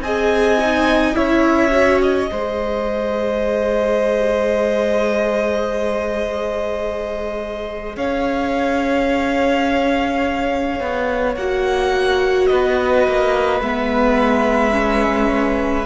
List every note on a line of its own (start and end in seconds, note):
0.00 1.13 C4
0.00 0.58 G#4
0.00 1.16 D#5
0.00 1.15 G#5
0.58 1.14 D#4
1.14 2.29 C#4
1.14 1.71 E4
1.14 2.29 C#5
1.14 2.00 E5
1.71 2.27 F#4
2.01 7.96 D#5
2.27 7.96 G#3
2.27 11.33 G#4
2.27 7.96 C5
7.96 10.79 C#4
7.96 12.49 C#5
7.96 11.35 F5
10.79 11.36 B3
11.35 12.49 A#3
11.35 13.62 F#4
11.35 12.46 F#5
12.46 13.07 B3
12.46 15.86 B4
12.46 13.60 D#5
13.07 13.60 A#3
13.60 15.86 G#3
13.60 14.71 B3
13.60 15.86 E5
14.71 15.85 C#4